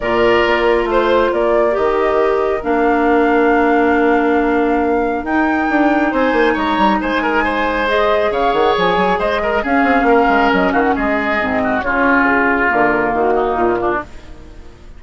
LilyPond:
<<
  \new Staff \with { instrumentName = "flute" } { \time 4/4 \tempo 4 = 137 d''2 c''4 d''4 | dis''2 f''2~ | f''1 | g''2 gis''4 ais''4 |
gis''2 dis''4 f''8 fis''8 | gis''4 dis''4 f''2 | dis''8 f''16 fis''16 dis''2 cis''4 | gis'4 ais'4 fis'4 f'4 | }
  \new Staff \with { instrumentName = "oboe" } { \time 4/4 ais'2 c''4 ais'4~ | ais'1~ | ais'1~ | ais'2 c''4 cis''4 |
c''8 ais'8 c''2 cis''4~ | cis''4 c''8 ais'8 gis'4 ais'4~ | ais'8 fis'8 gis'4. fis'8 f'4~ | f'2~ f'8 dis'4 d'8 | }
  \new Staff \with { instrumentName = "clarinet" } { \time 4/4 f'1 | g'2 d'2~ | d'1 | dis'1~ |
dis'2 gis'2~ | gis'2 cis'2~ | cis'2 c'4 cis'4~ | cis'4 ais2. | }
  \new Staff \with { instrumentName = "bassoon" } { \time 4/4 ais,4 ais4 a4 ais4 | dis2 ais2~ | ais1 | dis'4 d'4 c'8 ais8 gis8 g8 |
gis2. cis8 dis8 | f8 fis8 gis4 cis'8 c'8 ais8 gis8 | fis8 dis8 gis4 gis,4 cis4~ | cis4 d4 dis4 ais,4 | }
>>